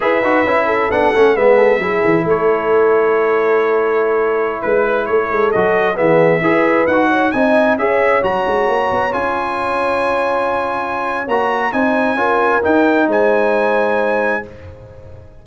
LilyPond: <<
  \new Staff \with { instrumentName = "trumpet" } { \time 4/4 \tempo 4 = 133 e''2 fis''4 e''4~ | e''4 cis''2.~ | cis''2~ cis''16 b'4 cis''8.~ | cis''16 dis''4 e''2 fis''8.~ |
fis''16 gis''4 e''4 ais''4.~ ais''16~ | ais''16 gis''2.~ gis''8.~ | gis''4 ais''4 gis''2 | g''4 gis''2. | }
  \new Staff \with { instrumentName = "horn" } { \time 4/4 b'4. a'4. b'8 a'8 | gis'4 a'2.~ | a'2~ a'16 b'4 a'8.~ | a'4~ a'16 gis'4 b'4. cis''16~ |
cis''16 dis''4 cis''2~ cis''8.~ | cis''1~ | cis''2 c''4 ais'4~ | ais'4 c''2. | }
  \new Staff \with { instrumentName = "trombone" } { \time 4/4 gis'8 fis'8 e'4 d'8 cis'8 b4 | e'1~ | e'1~ | e'16 fis'4 b4 gis'4 fis'8.~ |
fis'16 dis'4 gis'4 fis'4.~ fis'16~ | fis'16 f'2.~ f'8.~ | f'4 fis'4 dis'4 f'4 | dis'1 | }
  \new Staff \with { instrumentName = "tuba" } { \time 4/4 e'8 dis'8 cis'4 b8 a8 gis4 | fis8 e8 a2.~ | a2~ a16 gis4 a8 gis16~ | gis16 fis4 e4 e'4 dis'8.~ |
dis'16 c'4 cis'4 fis8 gis8 ais8 b16~ | b16 cis'2.~ cis'8.~ | cis'4 ais4 c'4 cis'4 | dis'4 gis2. | }
>>